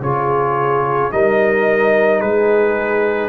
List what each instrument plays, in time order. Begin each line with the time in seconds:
0.00 tuba C#3, trombone F4, horn G#4, trumpet C#5
1.11 tuba G3, trombone D#4, horn A#4, trumpet D#5
2.19 tuba G#3, horn G#4, trumpet B4